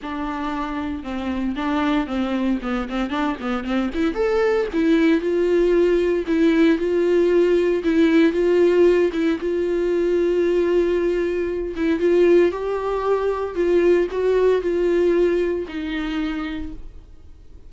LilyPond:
\new Staff \with { instrumentName = "viola" } { \time 4/4 \tempo 4 = 115 d'2 c'4 d'4 | c'4 b8 c'8 d'8 b8 c'8 e'8 | a'4 e'4 f'2 | e'4 f'2 e'4 |
f'4. e'8 f'2~ | f'2~ f'8 e'8 f'4 | g'2 f'4 fis'4 | f'2 dis'2 | }